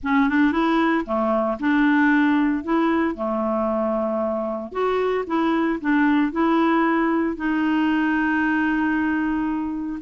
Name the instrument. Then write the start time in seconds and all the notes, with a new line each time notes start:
clarinet
0.03 C#4
0.29 D4
0.52 E4
1.05 A3
1.59 D4
2.63 E4
3.15 A3
4.72 F#4
5.26 E4
5.80 D4
6.32 E4
7.36 D#4